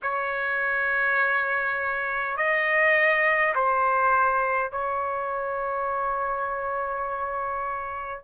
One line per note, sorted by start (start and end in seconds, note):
0.02 2.36 C#5
2.36 3.54 D#5
3.55 4.71 C5
4.71 8.24 C#5